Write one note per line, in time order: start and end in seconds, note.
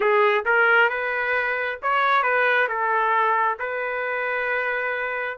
0.00 0.44 G#4
0.45 0.90 A#4
0.90 1.79 B4
1.82 2.22 C#5
2.22 2.67 B4
2.68 3.58 A4
3.59 5.37 B4